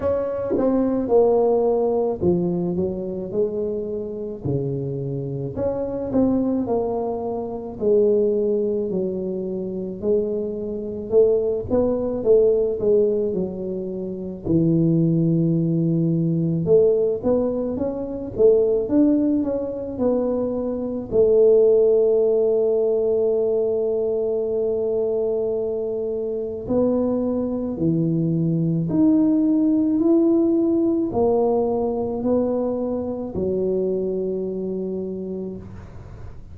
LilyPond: \new Staff \with { instrumentName = "tuba" } { \time 4/4 \tempo 4 = 54 cis'8 c'8 ais4 f8 fis8 gis4 | cis4 cis'8 c'8 ais4 gis4 | fis4 gis4 a8 b8 a8 gis8 | fis4 e2 a8 b8 |
cis'8 a8 d'8 cis'8 b4 a4~ | a1 | b4 e4 dis'4 e'4 | ais4 b4 fis2 | }